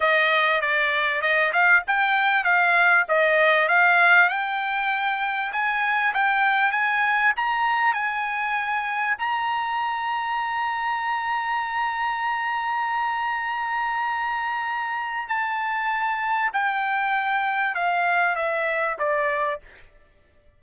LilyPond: \new Staff \with { instrumentName = "trumpet" } { \time 4/4 \tempo 4 = 98 dis''4 d''4 dis''8 f''8 g''4 | f''4 dis''4 f''4 g''4~ | g''4 gis''4 g''4 gis''4 | ais''4 gis''2 ais''4~ |
ais''1~ | ais''1~ | ais''4 a''2 g''4~ | g''4 f''4 e''4 d''4 | }